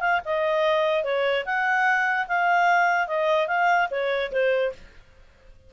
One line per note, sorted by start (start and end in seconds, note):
0.00 0.20 F5
0.25 1.04 D#5
1.04 1.45 C#5
1.45 2.27 F#5
2.28 3.07 F5
3.07 3.47 D#5
3.47 3.88 F5
3.91 4.31 C#5
4.32 4.73 C5